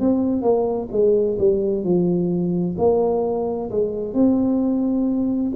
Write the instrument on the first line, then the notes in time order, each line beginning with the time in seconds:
tuba
0.00 C4
0.42 A#3
0.91 G#3
1.38 G3
1.84 F3
2.78 A#3
3.70 G#3
4.14 C4